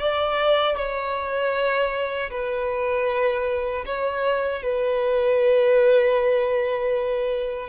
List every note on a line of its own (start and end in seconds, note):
0.00 0.77 D5
0.77 2.30 C#5
2.31 3.85 B4
3.86 4.63 C#5
4.63 7.69 B4